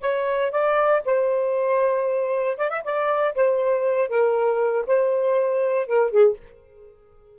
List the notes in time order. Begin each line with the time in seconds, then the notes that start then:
0.00 C#5
0.51 D5
1.05 C5
2.57 D5
2.70 E5
2.83 D5
3.34 C5
4.09 A#4
4.87 C5
5.86 A#4
6.10 G#4